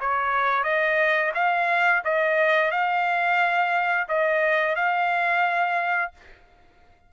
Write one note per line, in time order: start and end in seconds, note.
0.00 0.63 C#5
0.63 1.31 D#5
1.34 2.02 F5
2.04 2.71 D#5
2.71 4.07 F5
4.08 4.75 D#5
4.75 6.12 F5